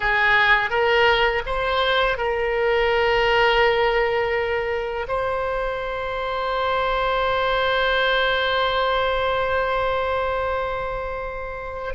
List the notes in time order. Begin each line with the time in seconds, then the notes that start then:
0.00 G#4
0.70 A#4
1.46 C5
2.17 A#4
5.08 C5